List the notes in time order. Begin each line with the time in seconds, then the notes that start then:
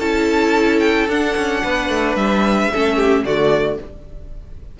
0.00 C#4 E4 A4 A5
0.80 G5
1.08 D4 F#5
1.37 C#4
1.64 B3 B4
1.89 A3
2.16 G3 E5
2.73 A3 C#4 A4
2.97 G4
3.24 D3 A3 F#4 D5